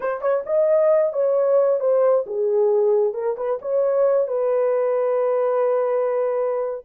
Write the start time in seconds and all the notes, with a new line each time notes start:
0.00 C5
0.21 C#5
0.46 D#5
1.12 C#5
1.80 C5
2.26 G#4
3.13 A#4
3.36 B4
3.61 C#5
4.27 B4